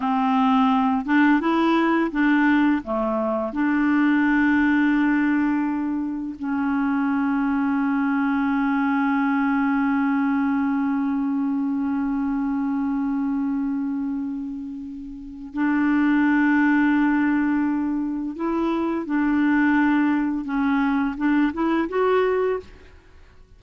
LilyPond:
\new Staff \with { instrumentName = "clarinet" } { \time 4/4 \tempo 4 = 85 c'4. d'8 e'4 d'4 | a4 d'2.~ | d'4 cis'2.~ | cis'1~ |
cis'1~ | cis'2 d'2~ | d'2 e'4 d'4~ | d'4 cis'4 d'8 e'8 fis'4 | }